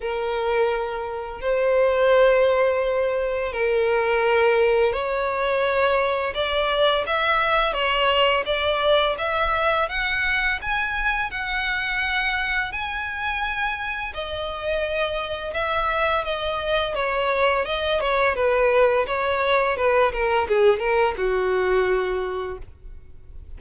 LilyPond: \new Staff \with { instrumentName = "violin" } { \time 4/4 \tempo 4 = 85 ais'2 c''2~ | c''4 ais'2 cis''4~ | cis''4 d''4 e''4 cis''4 | d''4 e''4 fis''4 gis''4 |
fis''2 gis''2 | dis''2 e''4 dis''4 | cis''4 dis''8 cis''8 b'4 cis''4 | b'8 ais'8 gis'8 ais'8 fis'2 | }